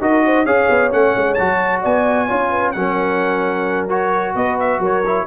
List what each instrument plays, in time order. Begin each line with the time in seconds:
0.00 tuba D#4, trombone F#4, horn A#4, trumpet D#5
0.25 horn C5
0.44 tuba C#4, trombone G#4, horn C#5, trumpet F5
0.69 tuba B3
0.90 tuba A3, trombone C#4, trumpet F#5
1.15 tuba G#3
1.33 tuba F#3, trombone F#4, trumpet A5
1.81 tuba B3, horn D5, trumpet G#5
2.26 tuba C#4, trombone F4, horn C#5
2.50 horn B4
2.71 tuba F#3, trombone C#4, horn A#4, trumpet F#5
3.88 trombone F#4, trumpet C#5
4.35 tuba B3, horn B4, trumpet D#5
4.59 trumpet E5
4.79 tuba F#3, horn A#4
4.85 trumpet C#5
5.05 trombone E4